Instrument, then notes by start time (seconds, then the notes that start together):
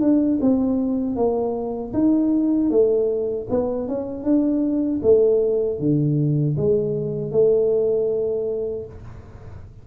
tuba
0.00 D4
0.41 C4
1.16 A#3
1.93 D#4
2.70 A3
3.50 B3
3.88 C#4
4.23 D4
5.02 A3
5.79 D3
6.57 G#3
7.31 A3